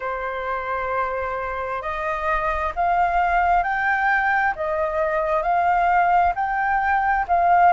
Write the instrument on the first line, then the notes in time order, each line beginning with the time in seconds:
flute
0.00 C5
1.82 D#5
2.75 F5
3.63 G5
4.55 D#5
5.42 F5
6.35 G5
7.27 F5